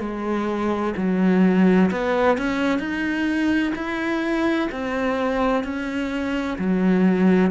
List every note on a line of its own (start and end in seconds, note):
0.00 0.94 G#3
0.97 1.90 F#3
1.92 2.38 B3
2.38 2.79 C#4
2.79 3.73 D#4
3.75 4.69 E4
4.72 5.64 C4
5.64 6.58 C#4
6.58 7.51 F#3